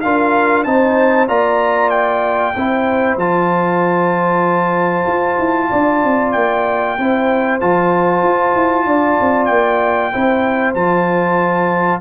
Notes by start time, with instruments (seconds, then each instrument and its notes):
0.00 tuba D4, trombone F4, horn A#4, trumpet F5
0.64 tuba C4, trombone D#4, horn C5, trumpet A5
1.27 tuba A#3, trombone F4, horn D5, trumpet A#5
1.89 trumpet G5
2.55 tuba C4, trombone E4, horn C5
3.16 tuba F3, trombone F4, trumpet A5
5.06 tuba F4
5.38 tuba E4
5.69 tuba D4, horn D5
6.04 tuba C4
6.31 tuba A#3, trumpet G5
6.98 tuba C4, trombone E4, horn C5
7.60 tuba F3, trombone F4, trumpet A5
8.23 tuba F4
8.55 tuba E4
8.85 tuba D4, horn D5
9.20 tuba C4
9.45 tuba A#3, trumpet G5
10.12 tuba C4, trombone E4, horn C5
10.74 tuba F3, trombone F4, trumpet A5